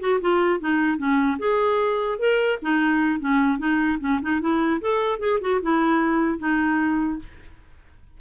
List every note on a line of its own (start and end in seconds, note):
0.00 0.20 F#4
0.21 0.60 F4
0.60 0.98 D#4
0.98 1.38 C#4
1.39 2.19 G#4
2.19 2.59 A#4
2.62 3.20 D#4
3.20 3.58 C#4
3.58 3.98 D#4
4.00 4.20 C#4
4.22 4.41 D#4
4.41 4.81 E4
4.82 5.19 A4
5.19 5.39 G#4
5.41 5.61 F#4
5.62 6.39 E4
6.39 7.19 D#4